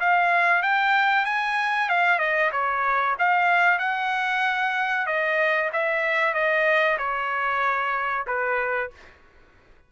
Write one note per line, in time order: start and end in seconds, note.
0.00 0.62 F5
0.62 1.25 G5
1.25 1.89 G#5
1.89 2.19 F5
2.19 2.51 D#5
2.52 3.16 C#5
3.19 3.79 F5
3.79 5.06 F#5
5.06 5.70 D#5
5.73 6.34 E5
6.34 6.98 D#5
6.98 8.26 C#5
8.27 8.91 B4